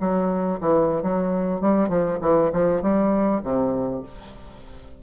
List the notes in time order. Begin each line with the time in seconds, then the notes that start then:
0.00 F#3
0.60 E3
1.02 F#3
1.61 G3
1.89 F3
2.21 E3
2.53 F3
2.82 G3
3.43 C3